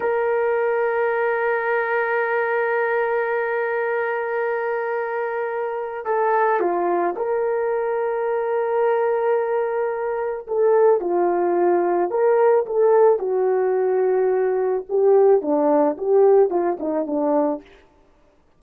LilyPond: \new Staff \with { instrumentName = "horn" } { \time 4/4 \tempo 4 = 109 ais'1~ | ais'1~ | ais'2. a'4 | f'4 ais'2.~ |
ais'2. a'4 | f'2 ais'4 a'4 | fis'2. g'4 | d'4 g'4 f'8 dis'8 d'4 | }